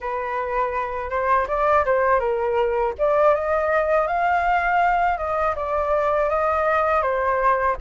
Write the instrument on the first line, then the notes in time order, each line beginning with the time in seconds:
flute
0.00 B4
1.09 C5
1.47 D5
1.85 C5
2.19 A#4
2.98 D5
3.34 D#5
4.07 F5
5.17 D#5
5.55 D5
6.29 D#5
7.02 C5